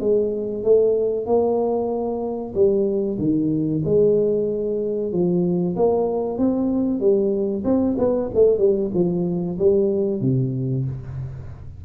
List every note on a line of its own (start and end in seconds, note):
0.00 0.63 G#3
0.63 1.26 A3
1.26 2.54 A#3
2.54 3.18 G3
3.18 3.82 D#3
3.85 5.12 G#3
5.12 5.76 F3
5.76 6.38 A#3
6.38 7.00 C4
7.00 7.64 G3
7.64 7.96 C4
7.98 8.30 B3
8.34 8.58 A3
8.58 8.90 G3
8.94 9.58 F3
9.58 10.21 G3
10.21 10.85 C3